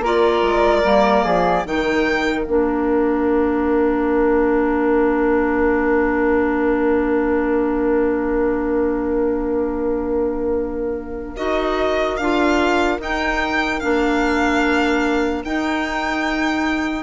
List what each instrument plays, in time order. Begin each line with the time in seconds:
0.00 bassoon A#3, clarinet F4, flute A#4
0.06 violin D5
0.42 bassoon G#3
0.84 bassoon G3, clarinet A#3
1.24 bassoon F3, flute G#4
1.65 bassoon D#3, clarinet D#4, flute A#4, violin G5
2.44 bassoon A#3, clarinet D4, violin F5
11.37 bassoon D#4, clarinet F#4, violin D#5
12.17 bassoon D4, clarinet F4, violin F5
12.99 bassoon D#4, clarinet D#4, violin G5
13.80 bassoon A#3, clarinet D4, violin F5
15.45 bassoon D#4, clarinet D#4, violin G5